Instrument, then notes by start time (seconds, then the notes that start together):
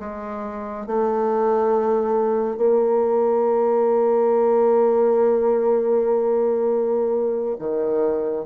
bassoon
0.00 G#3
0.87 A3
2.57 A#3
7.59 D#3